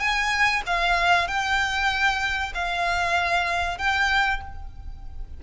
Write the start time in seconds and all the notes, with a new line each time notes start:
0.00 G#5
0.67 F5
1.28 G5
2.55 F5
3.78 G5